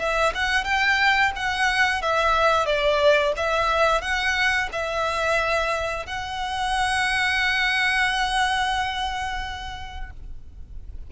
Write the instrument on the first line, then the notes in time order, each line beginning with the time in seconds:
violin
0.00 E5
0.35 F#5
0.65 G5
1.37 F#5
2.03 E5
2.66 D5
3.37 E5
4.02 F#5
4.73 E5
6.07 F#5